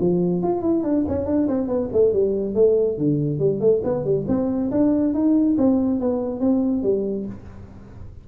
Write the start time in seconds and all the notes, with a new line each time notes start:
0.00 F3
0.43 F4
0.62 E4
0.84 D4
1.09 C#4
1.26 D4
1.48 C4
1.68 B3
1.93 A3
2.13 G3
2.55 A3
2.98 D3
3.39 G3
3.60 A3
3.84 B3
4.05 G3
4.28 C4
4.71 D4
5.14 D#4
5.58 C4
6.00 B3
6.40 C4
6.83 G3